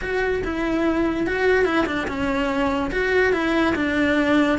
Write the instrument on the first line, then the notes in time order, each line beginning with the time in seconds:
cello
0.01 F#4
0.44 E4
1.27 F#4
1.65 E4
1.86 D4
2.07 C#4
2.91 F#4
3.32 E4
3.75 D4